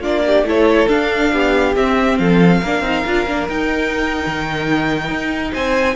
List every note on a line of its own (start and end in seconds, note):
0.00 0.43 A#3
0.00 0.45 D4
0.00 0.22 F4
0.00 0.46 D5
0.27 0.48 G4
0.43 0.87 A3
0.43 0.88 E4
0.43 1.33 A4
0.43 0.88 C#5
0.88 1.75 D4
0.88 1.32 D4
0.88 1.75 F5
1.32 1.76 B3
1.32 2.19 G4
1.76 2.19 C4
1.76 2.63 C4
1.76 2.18 E5
2.18 2.62 F3
2.18 2.61 A4
2.18 3.48 F5
2.61 2.81 A#3
2.61 2.83 D4
2.61 5.52 A#4
2.81 3.03 C4
2.81 3.05 D#4
3.06 3.26 D4
3.06 3.27 F4
3.26 3.48 A#3
3.26 3.49 D4
3.48 4.24 D#4
3.48 5.96 D#4
3.48 5.53 G5
4.26 5.10 D#3
5.10 5.53 D#4
5.52 5.96 C4
5.52 5.95 C5
5.52 5.96 G#5